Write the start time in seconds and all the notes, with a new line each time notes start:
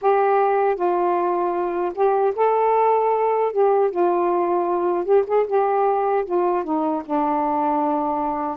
0.01 G4
0.75 F4
1.94 G4
2.36 A4
3.52 G4
3.90 F4
5.04 G4
5.26 G#4
5.47 G4
6.25 F4
6.64 D#4
7.05 D4